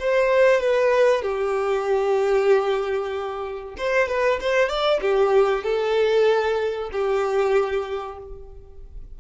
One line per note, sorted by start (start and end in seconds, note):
0.00 0.61 C5
0.61 1.23 B4
1.23 3.75 G4
3.78 4.08 C5
4.08 4.40 B4
4.41 4.69 C5
4.69 5.01 D5
5.02 5.64 G4
5.64 6.90 A4
6.92 8.19 G4